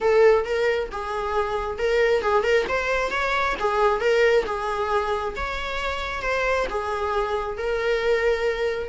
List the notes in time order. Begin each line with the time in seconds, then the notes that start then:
0.00 A4
0.44 A#4
0.91 G#4
1.78 A#4
2.21 G#4
2.43 A#4
2.68 C5
3.11 C#5
3.59 G#4
4.00 A#4
4.45 G#4
5.36 C#5
6.22 C5
6.69 G#4
7.57 A#4